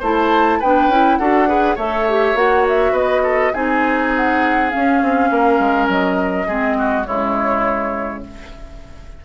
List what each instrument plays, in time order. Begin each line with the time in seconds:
0.00 bassoon A3, clarinet E4, oboe C5, flute A5
0.60 bassoon B3, clarinet D4, oboe B4, flute G5
0.88 bassoon C#4, clarinet E4
1.17 bassoon D4, clarinet F#4, oboe A4, flute F#5
1.48 clarinet G#4, oboe B4
1.76 bassoon A3, clarinet A4, oboe C#5, flute E5
2.09 clarinet G4
2.35 bassoon A#3, clarinet F#4, flute F#5
2.68 flute E5
2.92 bassoon B3, oboe B4, flute D#5
3.23 oboe A4
3.53 bassoon C4, clarinet D#4, oboe G#4, flute G#5
4.17 flute F#5
4.71 clarinet C#4, bassoon C#4, flute F5
5.02 bassoon C4
5.30 bassoon A#3, oboe A#4
5.59 bassoon G#3
5.88 bassoon F#3, flute D#5
6.48 bassoon G#3, clarinet C4, oboe G#4
6.78 oboe F#4
7.04 bassoon C#3, clarinet G#3, oboe E4, flute C#5